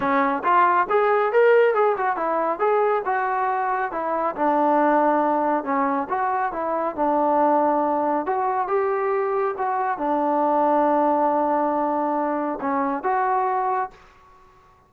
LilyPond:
\new Staff \with { instrumentName = "trombone" } { \time 4/4 \tempo 4 = 138 cis'4 f'4 gis'4 ais'4 | gis'8 fis'8 e'4 gis'4 fis'4~ | fis'4 e'4 d'2~ | d'4 cis'4 fis'4 e'4 |
d'2. fis'4 | g'2 fis'4 d'4~ | d'1~ | d'4 cis'4 fis'2 | }